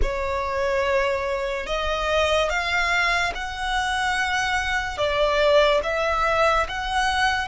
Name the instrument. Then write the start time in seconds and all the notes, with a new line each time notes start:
violin
0.02 C#5
1.66 D#5
2.49 F5
3.34 F#5
4.97 D5
5.83 E5
6.68 F#5